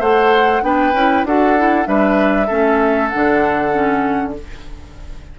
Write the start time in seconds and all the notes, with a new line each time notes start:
0.00 A3 A4 C5 F#5
0.62 B3 D4 B4 G5
0.93 C#4 E4
1.24 D4 F#4 A4 F#5
1.57 E4
1.84 G3 D4 B4 E5
2.47 A3 C#4 A4
3.09 D4 F#5
3.15 D3
3.72 C#4